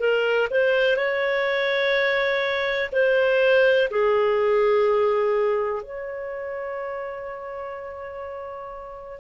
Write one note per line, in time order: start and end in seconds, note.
0.00 0.48 A#4
0.51 0.97 C5
0.97 2.90 C#5
2.93 3.89 C5
3.91 5.83 G#4
5.83 9.20 C#5